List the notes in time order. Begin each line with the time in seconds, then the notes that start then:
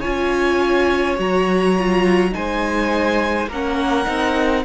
0.00 F4 C#5 G#5
0.06 C#4
1.18 F#3 F#4 A#5
1.79 F4
2.31 G#3 D#4 C5 G#5
3.48 A#3 C#4 A#4 F#5
4.06 C4 D#4